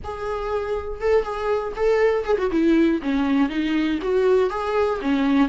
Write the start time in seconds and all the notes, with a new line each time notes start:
0.04 G#4
1.00 A4
1.23 G#4
1.76 A4
2.25 G#4
2.38 F#4
2.51 E4
3.02 C#4
3.49 D#4
4.02 F#4
4.50 G#4
5.01 C#4